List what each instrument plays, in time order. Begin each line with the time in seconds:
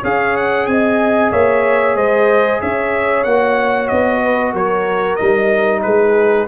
0.00 tuba C#4, trombone G#4, horn C#5, trumpet F5
0.37 trumpet F#5
0.67 tuba C4, horn D#5, trumpet G#5
1.32 tuba A#3, horn C#5, trumpet E5
1.95 tuba G#3, horn C5, trumpet D#5
2.61 tuba C#4, horn C#5, trumpet E5
3.24 tuba A#3, trombone F#4, trumpet F#5
3.88 tuba B3, trumpet D#5
4.23 horn B4
4.53 tuba F#3, horn A#4, trumpet C#5
5.16 tuba G3, trombone D#4, trumpet D#5
5.82 tuba G#3, horn G#4, trumpet B4